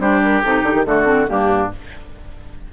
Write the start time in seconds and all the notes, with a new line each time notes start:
0.00 G3 D4 G4 C5
0.24 A#4
0.43 C3 D#4 A4
0.64 D3 G4
0.75 D#3
0.86 D3 A3 F#4 A4
1.06 C4
1.28 G2 A#3 D4 G4